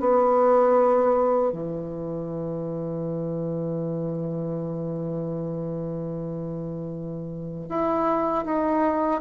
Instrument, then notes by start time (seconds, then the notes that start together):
bassoon
0.00 B3
1.52 E3
7.70 E4
8.45 D#4